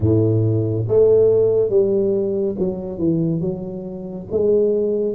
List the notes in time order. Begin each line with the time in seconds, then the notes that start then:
0.00 A2
0.88 A3
1.69 G3
2.59 F#3
2.98 E3
3.41 F#3
4.31 G#3